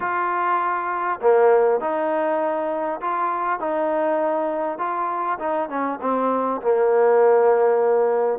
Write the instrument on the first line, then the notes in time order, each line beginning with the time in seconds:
trombone
0.00 F4
1.21 A#3
1.80 D#4
3.00 F4
3.59 D#4
4.78 F4
5.39 D#4
5.69 C#4
6.01 C4
6.61 A#3